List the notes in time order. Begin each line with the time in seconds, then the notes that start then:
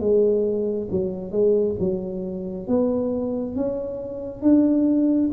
0.00 G#3
0.91 F#3
1.32 G#3
1.80 F#3
2.68 B3
3.55 C#4
4.42 D4